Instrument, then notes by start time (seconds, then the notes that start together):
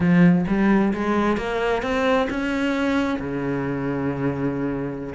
cello
0.00 F3
0.47 G3
0.93 G#3
1.37 A#3
1.82 C4
2.30 C#4
3.19 C#3